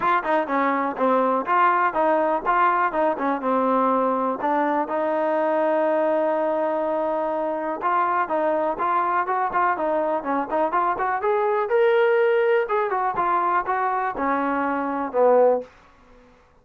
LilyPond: \new Staff \with { instrumentName = "trombone" } { \time 4/4 \tempo 4 = 123 f'8 dis'8 cis'4 c'4 f'4 | dis'4 f'4 dis'8 cis'8 c'4~ | c'4 d'4 dis'2~ | dis'1 |
f'4 dis'4 f'4 fis'8 f'8 | dis'4 cis'8 dis'8 f'8 fis'8 gis'4 | ais'2 gis'8 fis'8 f'4 | fis'4 cis'2 b4 | }